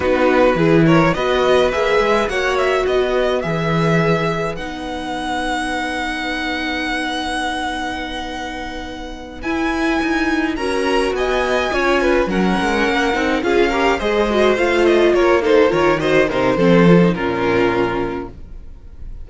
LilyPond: <<
  \new Staff \with { instrumentName = "violin" } { \time 4/4 \tempo 4 = 105 b'4. cis''8 dis''4 e''4 | fis''8 e''8 dis''4 e''2 | fis''1~ | fis''1~ |
fis''8 gis''2 ais''4 gis''8~ | gis''4. fis''2 f''8~ | f''8 dis''4 f''8 dis''8 cis''8 c''8 cis''8 | dis''8 c''4. ais'2 | }
  \new Staff \with { instrumentName = "violin" } { \time 4/4 fis'4 gis'8 ais'8 b'2 | cis''4 b'2.~ | b'1~ | b'1~ |
b'2~ b'8 ais'4 dis''8~ | dis''8 cis''8 b'8 ais'2 gis'8 | ais'8 c''2 ais'8 a'8 ais'8 | c''8 ais'8 a'4 f'2 | }
  \new Staff \with { instrumentName = "viola" } { \time 4/4 dis'4 e'4 fis'4 gis'4 | fis'2 gis'2 | dis'1~ | dis'1~ |
dis'8 e'2 fis'4.~ | fis'8 f'4 cis'4. dis'8 f'8 | g'8 gis'8 fis'8 f'4. dis'8 f'8 | fis'8 dis'8 c'8 f'16 dis'16 cis'2 | }
  \new Staff \with { instrumentName = "cello" } { \time 4/4 b4 e4 b4 ais8 gis8 | ais4 b4 e2 | b1~ | b1~ |
b8 e'4 dis'4 cis'4 b8~ | b8 cis'4 fis8 gis8 ais8 c'8 cis'8~ | cis'8 gis4 a4 ais4 dis8~ | dis8 c8 f4 ais,2 | }
>>